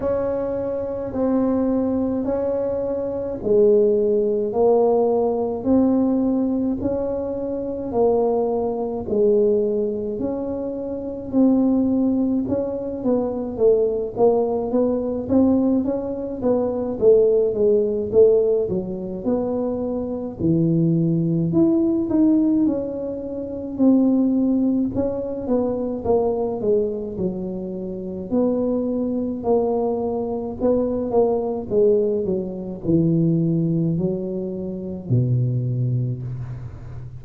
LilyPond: \new Staff \with { instrumentName = "tuba" } { \time 4/4 \tempo 4 = 53 cis'4 c'4 cis'4 gis4 | ais4 c'4 cis'4 ais4 | gis4 cis'4 c'4 cis'8 b8 | a8 ais8 b8 c'8 cis'8 b8 a8 gis8 |
a8 fis8 b4 e4 e'8 dis'8 | cis'4 c'4 cis'8 b8 ais8 gis8 | fis4 b4 ais4 b8 ais8 | gis8 fis8 e4 fis4 b,4 | }